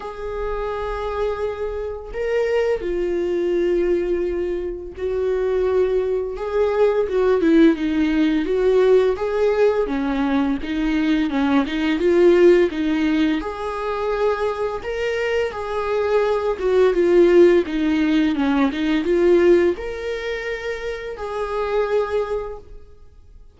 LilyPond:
\new Staff \with { instrumentName = "viola" } { \time 4/4 \tempo 4 = 85 gis'2. ais'4 | f'2. fis'4~ | fis'4 gis'4 fis'8 e'8 dis'4 | fis'4 gis'4 cis'4 dis'4 |
cis'8 dis'8 f'4 dis'4 gis'4~ | gis'4 ais'4 gis'4. fis'8 | f'4 dis'4 cis'8 dis'8 f'4 | ais'2 gis'2 | }